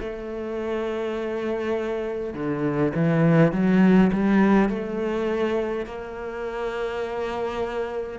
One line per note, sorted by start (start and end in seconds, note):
0.00 2.34 A3
2.34 2.93 D3
2.95 3.52 E3
3.52 4.11 F#3
4.13 4.69 G3
4.69 5.86 A3
5.86 8.19 A#3